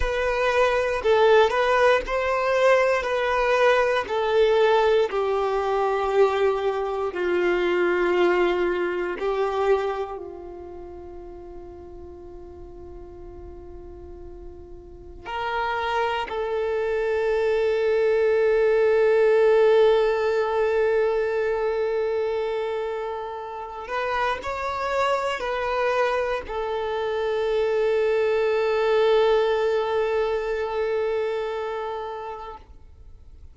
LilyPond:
\new Staff \with { instrumentName = "violin" } { \time 4/4 \tempo 4 = 59 b'4 a'8 b'8 c''4 b'4 | a'4 g'2 f'4~ | f'4 g'4 f'2~ | f'2. ais'4 |
a'1~ | a'2.~ a'8 b'8 | cis''4 b'4 a'2~ | a'1 | }